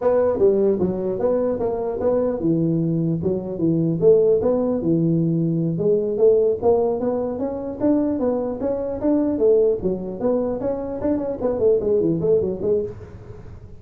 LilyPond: \new Staff \with { instrumentName = "tuba" } { \time 4/4 \tempo 4 = 150 b4 g4 fis4 b4 | ais4 b4 e2 | fis4 e4 a4 b4 | e2~ e8 gis4 a8~ |
a8 ais4 b4 cis'4 d'8~ | d'8 b4 cis'4 d'4 a8~ | a8 fis4 b4 cis'4 d'8 | cis'8 b8 a8 gis8 e8 a8 fis8 gis8 | }